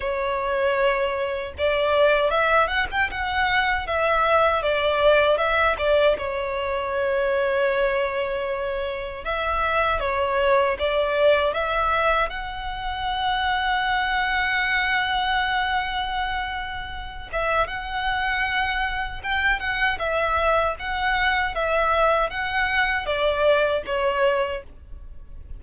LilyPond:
\new Staff \with { instrumentName = "violin" } { \time 4/4 \tempo 4 = 78 cis''2 d''4 e''8 fis''16 g''16 | fis''4 e''4 d''4 e''8 d''8 | cis''1 | e''4 cis''4 d''4 e''4 |
fis''1~ | fis''2~ fis''8 e''8 fis''4~ | fis''4 g''8 fis''8 e''4 fis''4 | e''4 fis''4 d''4 cis''4 | }